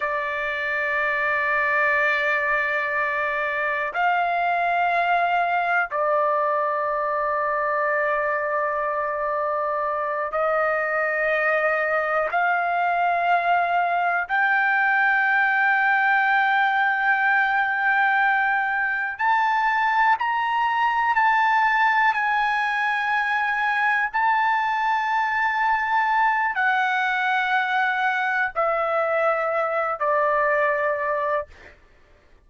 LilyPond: \new Staff \with { instrumentName = "trumpet" } { \time 4/4 \tempo 4 = 61 d''1 | f''2 d''2~ | d''2~ d''8 dis''4.~ | dis''8 f''2 g''4.~ |
g''2.~ g''8 a''8~ | a''8 ais''4 a''4 gis''4.~ | gis''8 a''2~ a''8 fis''4~ | fis''4 e''4. d''4. | }